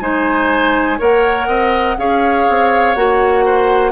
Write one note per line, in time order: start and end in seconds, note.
0.00 0.99 G#3
0.00 0.99 D#4
0.00 0.98 C5
0.00 0.98 G#5
0.98 1.48 A#3
0.98 1.97 A#4
0.98 1.47 C#5
0.98 1.99 F#5
1.47 1.97 C4
1.47 1.97 D#5
1.98 2.47 C#4
1.98 2.96 G#4
1.98 3.45 C#5
1.98 2.94 F5
2.49 2.96 C4
2.94 3.92 A#3
2.94 3.92 F#4
2.94 3.92 F#5
3.45 3.92 C5